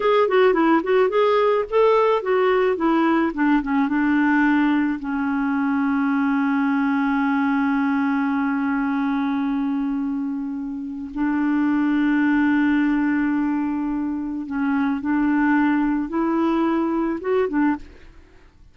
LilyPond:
\new Staff \with { instrumentName = "clarinet" } { \time 4/4 \tempo 4 = 108 gis'8 fis'8 e'8 fis'8 gis'4 a'4 | fis'4 e'4 d'8 cis'8 d'4~ | d'4 cis'2.~ | cis'1~ |
cis'1 | d'1~ | d'2 cis'4 d'4~ | d'4 e'2 fis'8 d'8 | }